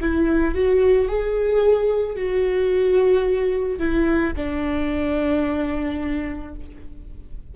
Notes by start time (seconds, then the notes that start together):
0.00 E4
0.54 F#4
1.08 G#4
2.16 F#4
3.78 E4
4.36 D4